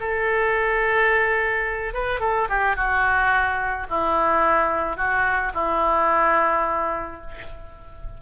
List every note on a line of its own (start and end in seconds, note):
0.00 1.93 A4
1.93 2.20 B4
2.20 2.48 A4
2.49 2.76 G4
2.76 3.87 F#4
3.90 4.97 E4
4.97 5.53 F#4
5.54 7.21 E4